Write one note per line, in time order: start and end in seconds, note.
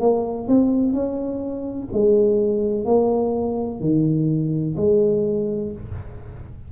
0.00 0.48 A#3
0.48 0.93 C4
0.93 1.88 C#4
1.93 2.85 G#3
2.85 3.80 A#3
3.80 4.75 D#3
4.77 5.72 G#3